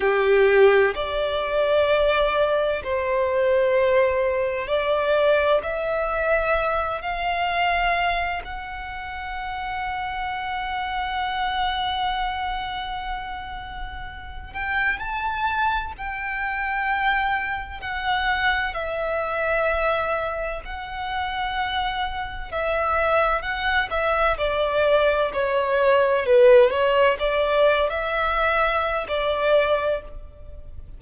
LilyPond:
\new Staff \with { instrumentName = "violin" } { \time 4/4 \tempo 4 = 64 g'4 d''2 c''4~ | c''4 d''4 e''4. f''8~ | f''4 fis''2.~ | fis''2.~ fis''8 g''8 |
a''4 g''2 fis''4 | e''2 fis''2 | e''4 fis''8 e''8 d''4 cis''4 | b'8 cis''8 d''8. e''4~ e''16 d''4 | }